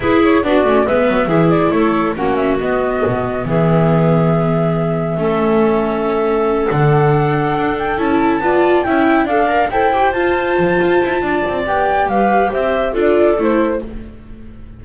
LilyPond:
<<
  \new Staff \with { instrumentName = "flute" } { \time 4/4 \tempo 4 = 139 b'8 cis''8 d''4 e''4. d''8 | cis''4 fis''8 e''8 dis''2 | e''1~ | e''2.~ e''8 fis''8~ |
fis''2 g''8 a''4.~ | a''8 g''4 f''4 g''4 a''8~ | a''2. g''4 | f''4 e''4 d''4 c''4 | }
  \new Staff \with { instrumentName = "clarinet" } { \time 4/4 gis'4 fis'4 b'4 gis'4 | a'4 fis'2. | gis'1 | a'1~ |
a'2.~ a'8 d''8~ | d''8 e''4 d''4 c''4.~ | c''2 d''2 | b'4 c''4 a'2 | }
  \new Staff \with { instrumentName = "viola" } { \time 4/4 e'4 d'8 cis'8 b4 e'4~ | e'4 cis'4 b2~ | b1 | cis'2.~ cis'8 d'8~ |
d'2~ d'8 e'4 f'8~ | f'8 e'4 a'8 ais'8 a'8 g'8 f'8~ | f'2. g'4~ | g'2 f'4 e'4 | }
  \new Staff \with { instrumentName = "double bass" } { \time 4/4 e'4 b8 a8 gis8 fis8 e4 | a4 ais4 b4 b,4 | e1 | a2.~ a8 d8~ |
d4. d'4 cis'4 b8~ | b8 cis'4 d'4 e'4 f'8~ | f'8 f8 f'8 e'8 d'8 c'8 b4 | g4 c'4 d'4 a4 | }
>>